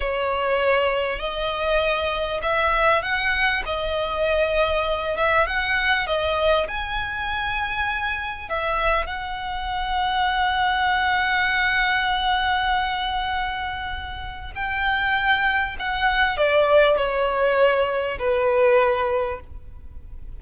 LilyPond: \new Staff \with { instrumentName = "violin" } { \time 4/4 \tempo 4 = 99 cis''2 dis''2 | e''4 fis''4 dis''2~ | dis''8 e''8 fis''4 dis''4 gis''4~ | gis''2 e''4 fis''4~ |
fis''1~ | fis''1 | g''2 fis''4 d''4 | cis''2 b'2 | }